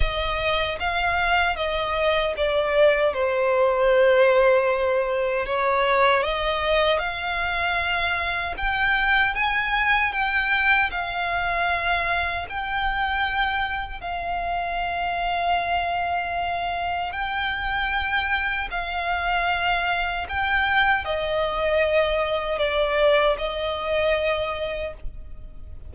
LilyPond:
\new Staff \with { instrumentName = "violin" } { \time 4/4 \tempo 4 = 77 dis''4 f''4 dis''4 d''4 | c''2. cis''4 | dis''4 f''2 g''4 | gis''4 g''4 f''2 |
g''2 f''2~ | f''2 g''2 | f''2 g''4 dis''4~ | dis''4 d''4 dis''2 | }